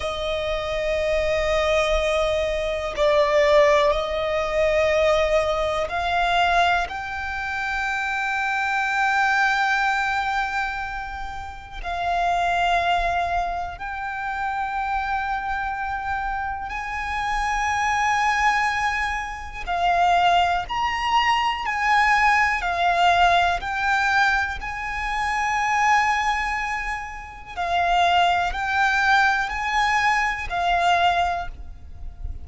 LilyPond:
\new Staff \with { instrumentName = "violin" } { \time 4/4 \tempo 4 = 61 dis''2. d''4 | dis''2 f''4 g''4~ | g''1 | f''2 g''2~ |
g''4 gis''2. | f''4 ais''4 gis''4 f''4 | g''4 gis''2. | f''4 g''4 gis''4 f''4 | }